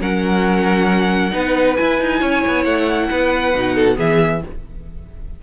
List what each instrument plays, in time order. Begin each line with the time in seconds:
0.00 cello F#3, viola C#4, violin A#4 F#5
1.31 cello B3, viola D#4, violin B4
1.76 viola E4, cello E4, violin G#5
2.01 cello D#4
2.19 cello C#4, violin C#5
2.47 cello B3
2.64 cello A3, violin F#5
3.10 cello B3, violin B4
3.54 cello B2, viola D#4
3.74 violin A4
3.94 cello E3, viola B3, violin G#4 E5